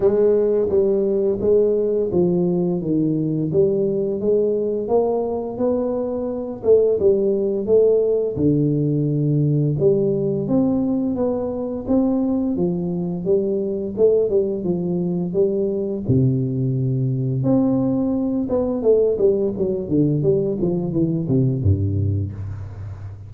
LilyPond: \new Staff \with { instrumentName = "tuba" } { \time 4/4 \tempo 4 = 86 gis4 g4 gis4 f4 | dis4 g4 gis4 ais4 | b4. a8 g4 a4 | d2 g4 c'4 |
b4 c'4 f4 g4 | a8 g8 f4 g4 c4~ | c4 c'4. b8 a8 g8 | fis8 d8 g8 f8 e8 c8 g,4 | }